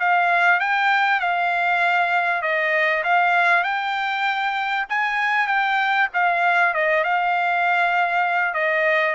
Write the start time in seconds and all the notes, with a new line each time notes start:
0.00 F5
0.60 G5
1.20 F5
2.42 D#5
3.04 F5
3.64 G5
4.90 G#5
5.48 G5
6.14 F5
6.75 D#5
7.05 F5
8.55 D#5